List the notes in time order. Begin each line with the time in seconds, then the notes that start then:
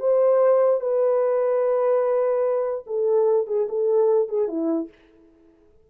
0.00 C5
0.81 B4
2.87 A4
3.47 G#4
3.69 A4
4.29 G#4
4.48 E4